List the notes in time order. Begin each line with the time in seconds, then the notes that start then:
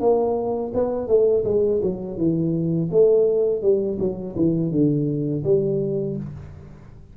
0.00 A#3
0.74 B3
1.07 A3
1.44 G#3
1.82 F#3
2.17 E3
2.91 A3
3.62 G3
3.99 F#3
4.36 E3
4.71 D3
5.44 G3